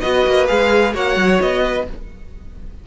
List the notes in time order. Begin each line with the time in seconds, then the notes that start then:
0.00 B3 F#4 B4 D#5
0.26 A#3
0.47 G#3 G#4 F5
0.93 A#3 F#4 C#5 F#5
1.15 F#3
1.41 B3 D#5
1.64 B4